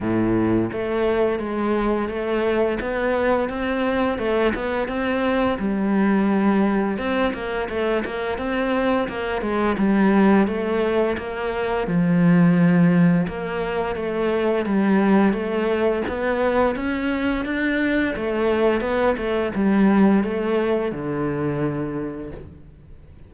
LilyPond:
\new Staff \with { instrumentName = "cello" } { \time 4/4 \tempo 4 = 86 a,4 a4 gis4 a4 | b4 c'4 a8 b8 c'4 | g2 c'8 ais8 a8 ais8 | c'4 ais8 gis8 g4 a4 |
ais4 f2 ais4 | a4 g4 a4 b4 | cis'4 d'4 a4 b8 a8 | g4 a4 d2 | }